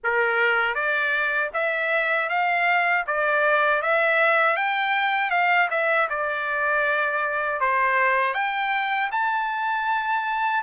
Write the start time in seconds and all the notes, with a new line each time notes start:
0.03 A#4
0.74 D5
1.53 E5
2.29 F5
3.07 D5
3.81 E5
4.56 G5
5.30 F5
5.70 E5
6.09 D5
7.60 C5
8.34 G5
9.11 A5